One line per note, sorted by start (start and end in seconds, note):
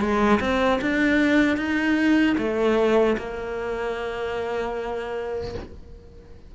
0.00 0.39 G#3
0.41 0.80 C4
0.81 1.57 D4
1.57 2.36 D#4
2.38 3.17 A3
3.18 5.54 A#3